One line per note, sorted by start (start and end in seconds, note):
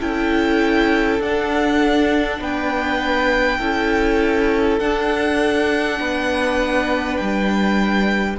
0.00 1.20 C#4
0.00 1.21 E4
0.00 2.40 A4
0.00 1.22 G5
1.20 2.40 D4
1.20 3.60 D4
1.20 2.42 F#5
2.40 3.60 B3
2.40 3.59 B4
2.40 4.79 G5
3.59 4.80 C#4
3.59 4.80 E4
3.59 5.99 A4
4.79 8.39 D4
4.79 6.00 D4
4.79 7.17 F#5
6.00 7.20 B3
6.00 8.39 B4
7.17 8.39 G3
7.17 8.37 G5